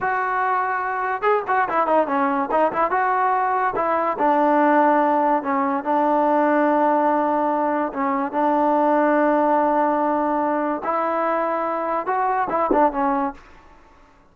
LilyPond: \new Staff \with { instrumentName = "trombone" } { \time 4/4 \tempo 4 = 144 fis'2. gis'8 fis'8 | e'8 dis'8 cis'4 dis'8 e'8 fis'4~ | fis'4 e'4 d'2~ | d'4 cis'4 d'2~ |
d'2. cis'4 | d'1~ | d'2 e'2~ | e'4 fis'4 e'8 d'8 cis'4 | }